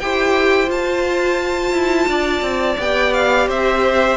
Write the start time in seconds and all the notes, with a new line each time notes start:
0.00 E4 G4 C5 G5
0.67 F4 A5
1.72 E4
2.08 D4 D5
2.42 C4
2.79 B3 G4 G5
3.14 F5
3.49 C4 C5 E5